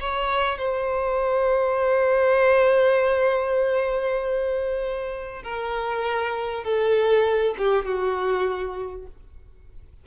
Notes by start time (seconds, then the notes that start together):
0.00 C#5
0.58 C5
5.43 A#4
6.64 A4
7.58 G4
7.85 F#4